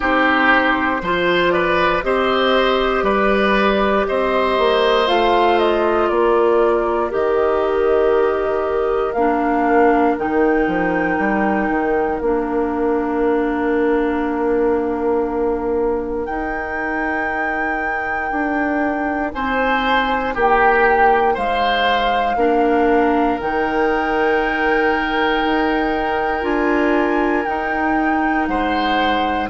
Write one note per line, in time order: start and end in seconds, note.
0.00 1.02 C4
0.00 1.00 D#4
0.00 1.01 G4
0.00 1.50 C5
1.02 2.03 F3
1.02 2.03 F4
1.02 1.53 C5
1.50 2.04 B4
1.50 2.01 D5
2.03 3.02 C4
2.03 5.06 G4
2.03 3.04 C5
2.03 3.04 D#5
3.02 4.04 G3
3.02 4.06 B4
3.02 4.06 D5
4.06 4.58 C4
4.06 6.09 C5
4.06 5.08 D#5
4.58 5.08 A#3
5.06 6.10 A3
5.06 7.10 F4
5.06 5.58 F5
5.58 6.09 D#5
6.09 7.11 A#3
6.09 19.31 A#4
6.09 7.10 D5
7.10 9.14 D#3
7.10 9.13 G4
7.10 9.13 D#5
9.13 10.15 A#3
9.13 10.18 D4
9.13 10.15 F5
10.18 10.67 D#3
10.18 12.21 D#4
10.18 12.19 G5
10.67 11.18 F3
11.18 11.69 G3
11.69 12.19 D#3
12.19 16.28 A#3
12.19 16.28 D4
12.19 16.25 F5
16.25 22.37 D#4
16.25 18.31 D#4
16.25 19.30 G5
18.31 19.33 D4
19.33 20.35 C4
19.33 20.34 C5
19.33 20.35 G#5
20.34 21.36 A#3
20.34 21.33 G4
20.34 21.36 G5
21.33 22.35 G#3
21.33 22.35 C5
21.33 23.40 F5
22.35 23.37 A#3
22.35 23.39 D4
22.35 28.49 A#4
23.40 25.44 D#3
23.40 26.41 D#4
23.40 26.44 G5
25.44 26.43 D#4
26.41 27.44 D4
26.41 27.43 F4
26.41 27.44 G#5
27.44 29.49 D#4
27.44 28.47 D#4
27.44 28.46 G5
28.47 29.49 G#3
28.47 29.49 C5
28.47 29.49 F#5